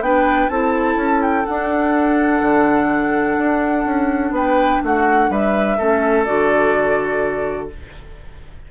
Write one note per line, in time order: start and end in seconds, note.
0.00 0.48 B3
0.00 0.49 D4
0.00 0.51 B4
0.00 0.49 G5
0.49 0.95 C4
0.49 1.46 E4
0.49 4.34 A4
0.49 1.21 A5
0.95 1.43 C#4
1.21 1.45 G5
1.45 5.78 D4
1.45 2.41 D4
1.45 4.33 F#5
2.41 3.37 D3
3.37 3.85 D4
3.85 4.30 C#4
4.30 4.79 B3
4.30 4.82 B4
4.30 4.83 G5
4.83 5.29 A3
4.83 5.30 F#4
4.83 5.32 F#5
5.29 5.77 G3
5.29 5.77 B4
5.29 6.24 E5
5.77 6.27 A3
5.77 6.25 C#4
5.77 7.69 A4
6.24 7.71 D3
6.24 7.69 F#4
6.24 7.68 D5